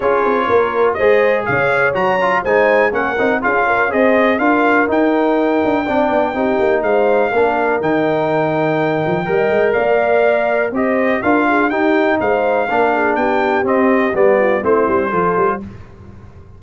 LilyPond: <<
  \new Staff \with { instrumentName = "trumpet" } { \time 4/4 \tempo 4 = 123 cis''2 dis''4 f''4 | ais''4 gis''4 fis''4 f''4 | dis''4 f''4 g''2~ | g''2 f''2 |
g''1 | f''2 dis''4 f''4 | g''4 f''2 g''4 | dis''4 d''4 c''2 | }
  \new Staff \with { instrumentName = "horn" } { \time 4/4 gis'4 ais'4 c''4 cis''4~ | cis''4 c''4 ais'4 gis'8 ais'8 | c''4 ais'2. | d''4 g'4 c''4 ais'4~ |
ais'2. dis''4 | d''2 c''4 ais'8 gis'8 | g'4 c''4 ais'8 gis'8 g'4~ | g'4. f'8 e'4 a'4 | }
  \new Staff \with { instrumentName = "trombone" } { \time 4/4 f'2 gis'2 | fis'8 f'8 dis'4 cis'8 dis'8 f'4 | gis'4 f'4 dis'2 | d'4 dis'2 d'4 |
dis'2. ais'4~ | ais'2 g'4 f'4 | dis'2 d'2 | c'4 b4 c'4 f'4 | }
  \new Staff \with { instrumentName = "tuba" } { \time 4/4 cis'8 c'8 ais4 gis4 cis4 | fis4 gis4 ais8 c'8 cis'4 | c'4 d'4 dis'4. d'8 | c'8 b8 c'8 ais8 gis4 ais4 |
dis2~ dis8 f8 g8 gis8 | ais2 c'4 d'4 | dis'4 gis4 ais4 b4 | c'4 g4 a8 g8 f8 g8 | }
>>